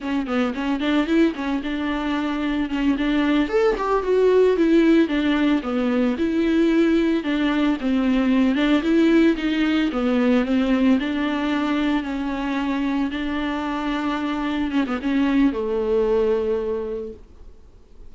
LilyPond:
\new Staff \with { instrumentName = "viola" } { \time 4/4 \tempo 4 = 112 cis'8 b8 cis'8 d'8 e'8 cis'8 d'4~ | d'4 cis'8 d'4 a'8 g'8 fis'8~ | fis'8 e'4 d'4 b4 e'8~ | e'4. d'4 c'4. |
d'8 e'4 dis'4 b4 c'8~ | c'8 d'2 cis'4.~ | cis'8 d'2. cis'16 b16 | cis'4 a2. | }